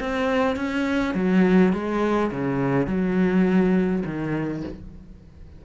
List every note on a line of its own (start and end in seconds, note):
0.00 0.56 C4
0.56 1.14 C#4
1.15 1.73 F#3
1.73 2.31 G#3
2.31 2.87 C#3
2.87 4.03 F#3
4.05 4.64 D#3